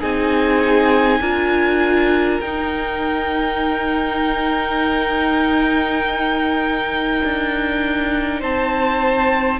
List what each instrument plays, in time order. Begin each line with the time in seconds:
0.00 cello C4, viola D#4, violin G#4 G#5
1.20 cello D4, viola F4, violin A#4
2.41 cello D#4, viola D#4, violin G5
7.24 cello D4
8.40 cello C4, violin C5 A5